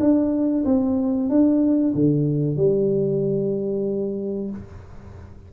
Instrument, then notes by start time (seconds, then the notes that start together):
tuba
0.00 D4
0.65 C4
1.30 D4
1.95 D3
2.57 G3